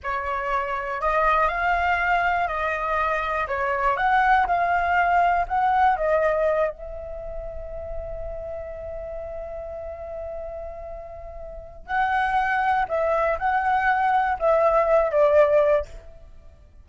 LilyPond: \new Staff \with { instrumentName = "flute" } { \time 4/4 \tempo 4 = 121 cis''2 dis''4 f''4~ | f''4 dis''2 cis''4 | fis''4 f''2 fis''4 | dis''4. e''2~ e''8~ |
e''1~ | e''1 | fis''2 e''4 fis''4~ | fis''4 e''4. d''4. | }